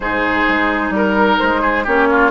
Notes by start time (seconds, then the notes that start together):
0.00 G#2 D#4 G#4 C5
0.48 G#3
0.90 G3
0.96 A#4
1.39 G#3 C5
1.61 G#4
1.84 A#3 C#4 G4 C#5
2.11 F4